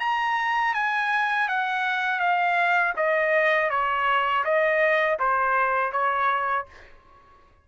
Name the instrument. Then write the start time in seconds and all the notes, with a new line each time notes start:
trumpet
0.00 A#5
0.74 G#5
1.49 F#5
2.20 F5
2.97 D#5
3.70 C#5
4.45 D#5
5.19 C5
5.92 C#5